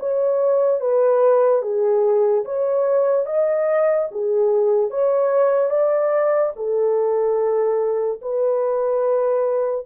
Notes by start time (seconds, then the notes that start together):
0.00 C#5
0.81 B4
1.62 G#4
2.45 C#5
3.26 D#5
4.11 G#4
4.91 C#5
5.70 D5
6.56 A4
8.22 B4